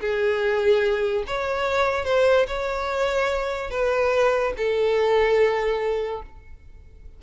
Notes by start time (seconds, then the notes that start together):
0.00 G#4
1.26 C#5
2.04 C5
2.47 C#5
3.70 B4
4.57 A4